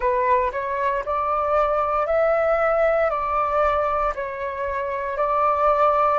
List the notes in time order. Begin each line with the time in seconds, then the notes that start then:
0.00 B4
0.52 C#5
1.05 D5
2.06 E5
3.10 D5
4.15 C#5
5.17 D5